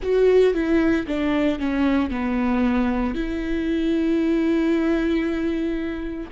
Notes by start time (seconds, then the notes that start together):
0.02 F#4
0.54 E4
1.06 D4
1.59 C#4
2.10 B3
3.14 E4